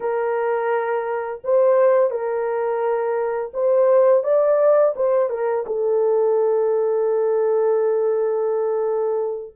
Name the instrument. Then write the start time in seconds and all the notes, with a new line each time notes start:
horn
0.00 A#4
1.44 C5
2.10 A#4
3.53 C5
4.23 D5
4.96 C5
5.29 A#4
5.66 A4